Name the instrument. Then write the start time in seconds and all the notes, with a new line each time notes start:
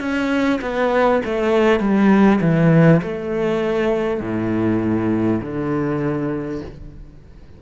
cello
0.00 C#4
0.62 B3
1.25 A3
1.80 G3
2.41 E3
3.02 A3
4.21 A2
5.42 D3